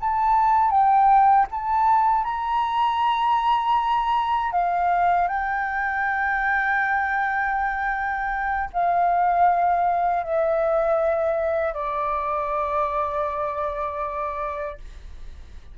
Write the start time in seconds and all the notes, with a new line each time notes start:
0.00 A5
0.70 G5
1.51 A5
2.24 A#5
4.52 F5
5.28 G5
8.73 F5
10.23 E5
11.74 D5